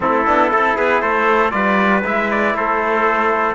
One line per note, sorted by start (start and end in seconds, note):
0.00 0.27 A3
0.00 0.25 C4
0.00 0.52 E4
0.00 0.76 A4
0.25 0.52 B3
0.25 0.50 D4
0.50 0.77 C4
0.50 1.51 E4
0.50 0.76 A4
0.76 1.02 B3
0.76 1.01 G#4
0.76 1.01 B4
1.01 1.53 A3
1.01 1.52 A4
1.01 1.50 C5
1.50 2.04 G3
1.50 2.01 F4
1.50 2.55 B4
1.50 2.01 D5
2.04 2.54 G#3
2.04 3.55 E4
2.04 2.31 E5
2.31 2.56 D5
2.54 3.55 A3
2.54 3.55 A4
2.54 3.55 C5